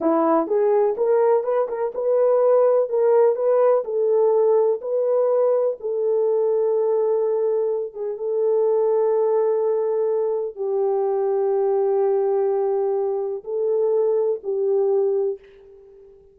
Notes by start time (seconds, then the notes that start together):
0.00 E4
0.47 G#4
0.97 A#4
1.43 B4
1.68 A#4
1.94 B4
2.89 A#4
3.35 B4
3.84 A4
4.81 B4
5.79 A4
7.93 G#4
8.17 A4
10.55 G4
13.44 A4
14.43 G4